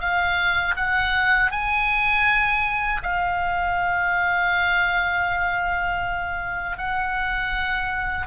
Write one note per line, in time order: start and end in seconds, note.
0.00 0.75 F5
0.77 1.52 F#5
1.52 3.02 G#5
3.03 6.78 F5
6.78 8.27 F#5